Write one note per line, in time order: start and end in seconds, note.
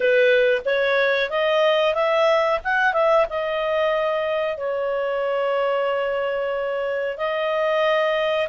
0.00 0.62 B4
0.65 1.30 C#5
1.30 1.94 D#5
1.94 2.59 E5
2.64 2.93 F#5
2.93 3.25 E5
3.29 4.57 D#5
4.57 7.17 C#5
7.17 8.48 D#5